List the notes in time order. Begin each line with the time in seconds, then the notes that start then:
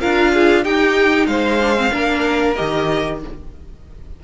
0.00 D4 F4 A#4 F5
0.34 G#4
0.64 D#4 G4 G5
1.27 G#3 C5 F5
1.62 D4
1.77 C4
1.91 A#3 D4 A#4
2.56 D#3 G4 D#5